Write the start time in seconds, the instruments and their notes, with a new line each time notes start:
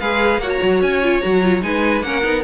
0.00 cello G#3, viola G#4, violin B4 F5
0.38 cello A#3, viola F#4, violin C#5 F#5
0.50 violin A#5
0.62 cello F#3
0.82 cello C#4, violin G#5
1.03 viola F4
1.21 cello F#3, viola F#4, violin A#5
1.43 viola F4
1.61 cello G#3, viola D#4, violin B4 G#5
2.02 cello A#3, viola C#4, violin A#4 F#5
2.23 cello B3, viola D#4